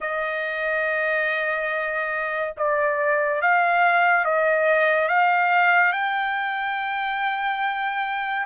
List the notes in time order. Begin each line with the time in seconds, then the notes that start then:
0.00 D#5
2.57 D5
3.41 F5
4.24 D#5
5.08 F5
5.92 G5